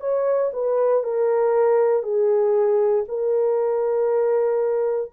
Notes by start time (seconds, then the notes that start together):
0.00 C#5
0.53 B4
1.04 A#4
2.03 G#4
3.08 A#4